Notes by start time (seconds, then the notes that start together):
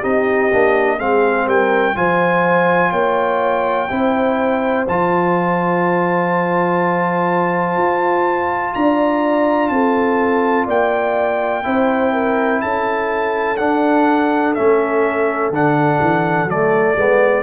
0.00 C4 D#4 G4 D#5
0.52 A#3 D4
0.99 G#3 C4 G#4 F5
1.46 G3 A#4 G5
1.96 F3 F4 C5 G#5
2.91 A#3 C#5 G5
3.90 C4 E4 C5
4.88 F3 F4 A5
7.77 F4
8.74 D4 D5 A#5
9.69 C4 A4 A5
10.66 A#3 D5 G5
11.64 C4 E4 C5
12.13 A#4
12.61 C#4 A4 A5
13.57 D4 F#5
14.55 A3 C#4 E5
15.51 D3 D4 F#5
16.01 E3
16.45 F#3 A3 D5
16.97 G#3 B3